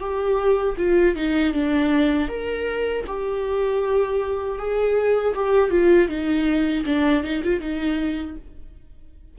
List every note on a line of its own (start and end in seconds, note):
0.00 0.76 G4
0.78 1.16 F4
1.16 1.54 D#4
1.54 2.29 D4
2.29 3.05 A#4
3.07 4.59 G4
4.59 5.35 G#4
5.35 5.71 G4
5.71 6.09 F4
6.09 6.85 D#4
6.86 7.24 D4
7.24 7.43 D#4
7.44 7.61 F4
7.61 8.37 D#4